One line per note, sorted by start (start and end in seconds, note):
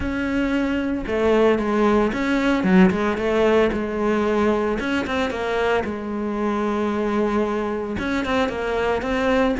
0.00 1.04 C#4
1.06 1.58 A3
1.58 2.11 G#3
2.12 2.63 C#4
2.63 2.90 F#3
2.91 3.17 G#3
3.17 3.70 A3
3.72 4.78 G#3
4.79 5.06 C#4
5.06 5.30 C4
5.30 5.83 A#3
5.84 7.96 G#3
7.98 8.25 C#4
8.25 8.49 C4
8.49 9.02 A#3
9.02 9.55 C4